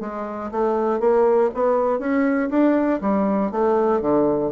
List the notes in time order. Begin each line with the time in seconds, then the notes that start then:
0.00 G#3
0.51 A3
1.00 A#3
1.54 B3
1.99 C#4
2.50 D4
3.01 G3
3.51 A3
4.01 D3